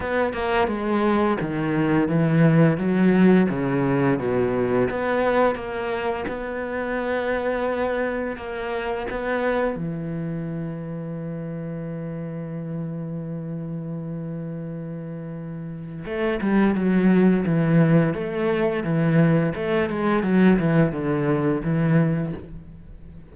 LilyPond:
\new Staff \with { instrumentName = "cello" } { \time 4/4 \tempo 4 = 86 b8 ais8 gis4 dis4 e4 | fis4 cis4 b,4 b4 | ais4 b2. | ais4 b4 e2~ |
e1~ | e2. a8 g8 | fis4 e4 a4 e4 | a8 gis8 fis8 e8 d4 e4 | }